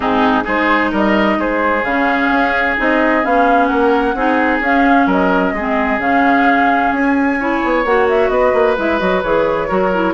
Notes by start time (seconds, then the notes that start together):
0.00 G#2 C4 D#4 G#4
0.42 G#3 D#4 G#4 C5
0.91 G3 A#4 D#5
1.37 G#3 G#4 C5
1.84 C#3 C#4 F5
2.30 C#4
2.77 C4 D#4 D#5
3.23 B3 C#4 F5
3.65 A#3 A#4 F#5
4.14 C4 D#4 G#4
4.59 C#4 F5
5.06 F#3 A#4 D#5
5.52 G#3 C4 G#4
5.97 C#3 C#4 F5
6.91 C#4 G#5
7.39 E4 C#5
7.63 B3
7.84 A#3 F#4 F#5
8.08 E5
8.29 B3 B4 D#5
8.53 A#3
8.77 G#3 E4 E5
8.98 F#3 F#4 D#5
9.22 E3 G#4 C#5
9.68 F#3 F#4 A#4
9.93 E4